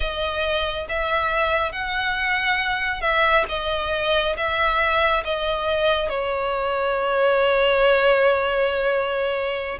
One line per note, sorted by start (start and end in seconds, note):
0.00 0.86 D#5
0.89 1.72 E5
1.72 3.01 F#5
3.01 3.44 E5
3.49 4.36 D#5
4.36 5.23 E5
5.24 6.09 D#5
6.09 9.78 C#5